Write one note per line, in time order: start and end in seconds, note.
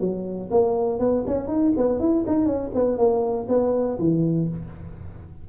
0.00 0.50 F#3
0.51 0.99 A#3
0.99 1.24 B3
1.27 1.48 C#4
1.48 1.72 D#4
1.77 1.99 B3
1.99 2.24 E4
2.27 2.45 D#4
2.45 2.70 C#4
2.75 2.98 B3
2.98 3.47 A#3
3.48 3.98 B3
3.99 4.49 E3